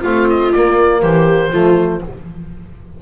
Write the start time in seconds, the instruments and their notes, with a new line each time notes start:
0.00 double bass A3, trombone C4, viola F4, oboe F5
0.29 oboe D#5
0.52 trombone A#3, double bass A#3, oboe D5
1.01 double bass E3, viola G4, oboe C5
1.51 double bass F3, trombone A3, viola F4